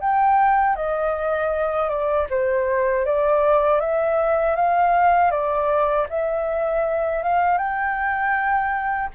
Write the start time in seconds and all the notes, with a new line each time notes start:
0.00 G5
0.76 D#5
1.89 D5
2.30 C5
3.06 D5
3.80 E5
4.56 F5
5.31 D5
6.10 E5
7.23 F5
7.58 G5